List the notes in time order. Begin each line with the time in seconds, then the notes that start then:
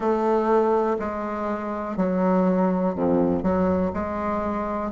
0.00 A3
0.99 G#3
1.97 F#3
2.95 F2
3.42 F#3
3.93 G#3